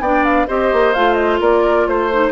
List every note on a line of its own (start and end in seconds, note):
0.00 0.47 B3
0.00 0.47 D4
0.00 0.47 D5
0.00 0.24 G5
0.24 0.47 F5
0.47 0.72 C4
0.47 0.94 G4
0.47 1.40 C5
0.47 0.94 D#5
0.72 0.95 A#3
0.94 1.40 A3
0.94 2.11 F4
0.94 1.14 F5
1.14 1.37 D#5
1.40 1.87 A#3
1.40 1.87 A#4
1.40 1.88 D5
1.88 2.32 A3
1.88 2.32 C5
2.11 2.32 D#4